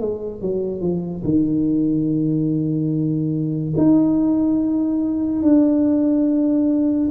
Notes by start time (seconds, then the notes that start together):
0.00 G#3
0.41 F#3
0.81 F3
1.23 D#3
3.77 D#4
5.42 D4